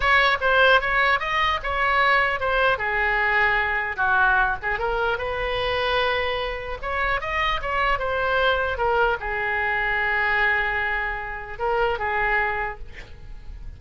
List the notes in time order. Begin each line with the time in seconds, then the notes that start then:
0.00 C#5
0.41 C5
0.81 C#5
1.19 D#5
1.63 C#5
2.39 C5
2.78 G#4
3.96 F#4
4.62 G#4
4.78 A#4
5.18 B4
6.81 C#5
7.21 D#5
7.61 C#5
7.98 C5
8.77 A#4
9.20 G#4
11.59 A#4
11.98 G#4